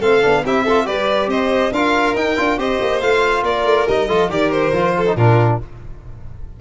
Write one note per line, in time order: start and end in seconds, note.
0.00 0.23 A3
0.00 0.21 C4
0.00 0.43 A4
0.00 0.44 F5
0.21 0.45 B3
0.21 0.43 D4
0.45 0.87 C4
0.45 0.67 E4
0.45 0.64 G4
0.45 0.86 E5
0.64 0.85 F4
0.64 0.85 A4
0.85 1.27 G3
0.85 1.71 G4
0.85 1.29 B4
0.85 1.29 D5
1.27 1.70 C4
1.27 1.72 C5
1.27 1.73 D#5
1.71 2.14 D4
1.71 2.16 F4
1.71 2.58 A#4
1.71 2.16 F5
2.15 2.36 D#4
2.15 2.59 G5
2.36 2.57 D4
2.36 2.58 F4
2.57 2.78 C4
2.57 3.00 G4
2.57 3.43 C5
2.57 3.00 D#5
2.80 3.02 A#3
3.00 3.43 A3
3.00 3.87 F4
3.00 3.43 F5
3.43 3.64 A#3
3.43 4.08 A#4
3.43 3.87 D5
3.64 3.85 A3
3.88 4.09 G3
3.88 4.08 D#4
3.88 4.31 D#5
4.08 4.29 F3
4.08 4.30 F4
4.08 4.29 A4
4.29 4.72 D#3
4.29 4.73 G4
4.29 4.94 A#4
4.29 4.51 D5
4.51 5.16 C5
4.72 5.15 F3
4.72 5.06 F4
4.97 5.17 A4
5.06 5.17 D#4
5.16 5.58 A#2
5.16 5.61 D4
5.16 5.60 F4
5.16 5.59 A#4